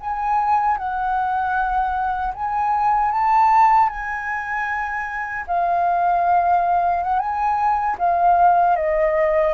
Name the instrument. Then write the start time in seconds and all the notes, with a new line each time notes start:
flute
0.00 G#5
0.77 F#5
2.33 G#5
3.11 A5
3.89 G#5
5.47 F5
7.03 F#5
7.19 G#5
7.98 F5
8.76 D#5